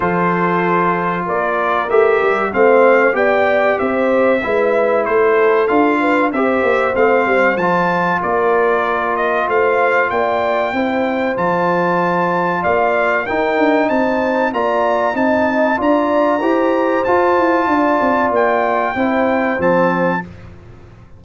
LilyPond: <<
  \new Staff \with { instrumentName = "trumpet" } { \time 4/4 \tempo 4 = 95 c''2 d''4 e''4 | f''4 g''4 e''2 | c''4 f''4 e''4 f''4 | a''4 d''4. dis''8 f''4 |
g''2 a''2 | f''4 g''4 a''4 ais''4 | a''4 ais''2 a''4~ | a''4 g''2 a''4 | }
  \new Staff \with { instrumentName = "horn" } { \time 4/4 a'2 ais'2 | c''4 d''4 c''4 b'4 | a'4. b'8 c''2~ | c''4 ais'2 c''4 |
d''4 c''2. | d''4 ais'4 c''4 d''4 | dis''4 d''4 c''2 | d''2 c''2 | }
  \new Staff \with { instrumentName = "trombone" } { \time 4/4 f'2. g'4 | c'4 g'2 e'4~ | e'4 f'4 g'4 c'4 | f'1~ |
f'4 e'4 f'2~ | f'4 dis'2 f'4 | dis'4 f'4 g'4 f'4~ | f'2 e'4 c'4 | }
  \new Staff \with { instrumentName = "tuba" } { \time 4/4 f2 ais4 a8 g8 | a4 b4 c'4 gis4 | a4 d'4 c'8 ais8 a8 g8 | f4 ais2 a4 |
ais4 c'4 f2 | ais4 dis'8 d'8 c'4 ais4 | c'4 d'4 e'4 f'8 e'8 | d'8 c'8 ais4 c'4 f4 | }
>>